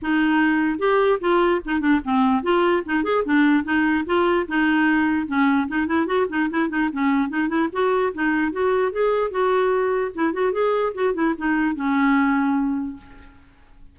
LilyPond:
\new Staff \with { instrumentName = "clarinet" } { \time 4/4 \tempo 4 = 148 dis'2 g'4 f'4 | dis'8 d'8 c'4 f'4 dis'8 gis'8 | d'4 dis'4 f'4 dis'4~ | dis'4 cis'4 dis'8 e'8 fis'8 dis'8 |
e'8 dis'8 cis'4 dis'8 e'8 fis'4 | dis'4 fis'4 gis'4 fis'4~ | fis'4 e'8 fis'8 gis'4 fis'8 e'8 | dis'4 cis'2. | }